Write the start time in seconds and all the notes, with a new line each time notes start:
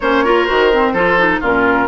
0.00 A#3 C#4 C5 C#5
0.24 F4 A#4
0.45 D#3 F#4 C5
0.72 C4
0.93 F3 F4 A4
1.18 D#4
1.40 A#2 C#4 F4 A#4